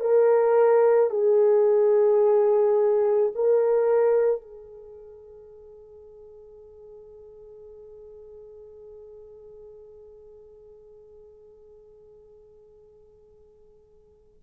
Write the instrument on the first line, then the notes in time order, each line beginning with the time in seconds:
horn
0.00 A#4
1.10 G#4
3.35 A#4
4.41 G#4